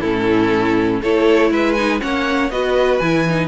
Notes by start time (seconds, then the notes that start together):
0.00 A2 C#4 E4 A4
1.00 A3 E4 A4 C#5
1.50 G#3 B4 E5
1.73 D#4 G#5
1.99 A#3 C#4 C#5 F#5
2.49 B3 F#4 B4 D#5
2.98 E3 E4 G#5
3.28 D#4